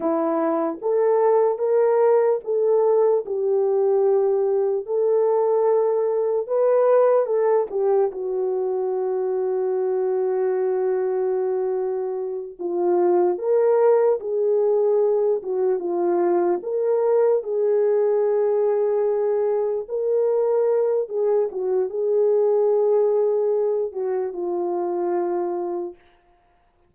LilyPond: \new Staff \with { instrumentName = "horn" } { \time 4/4 \tempo 4 = 74 e'4 a'4 ais'4 a'4 | g'2 a'2 | b'4 a'8 g'8 fis'2~ | fis'2.~ fis'8 f'8~ |
f'8 ais'4 gis'4. fis'8 f'8~ | f'8 ais'4 gis'2~ gis'8~ | gis'8 ais'4. gis'8 fis'8 gis'4~ | gis'4. fis'8 f'2 | }